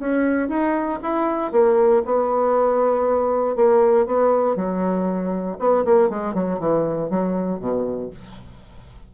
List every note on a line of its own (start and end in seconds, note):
0.00 0.49 C#4
0.49 1.00 D#4
1.03 1.52 E4
1.52 2.03 A#3
2.05 3.56 B3
3.56 4.07 A#3
4.07 4.56 B3
4.56 5.58 F#3
5.59 5.85 B3
5.85 6.10 A#3
6.10 6.35 G#3
6.35 6.59 F#3
6.59 7.10 E3
7.10 7.59 F#3
7.59 8.10 B2